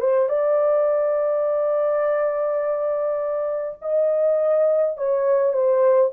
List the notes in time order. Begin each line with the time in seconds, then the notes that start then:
0.00 C5
0.29 D5
3.82 D#5
4.98 C#5
5.53 C5